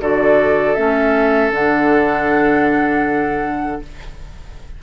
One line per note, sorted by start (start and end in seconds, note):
0.00 0.76 D3
0.00 0.75 F#4
0.00 3.81 A4
0.00 0.74 D5
0.74 1.50 A3
0.74 1.51 C#4
0.74 1.50 E5
1.50 3.78 D3
1.50 3.82 D4
1.50 3.82 F#5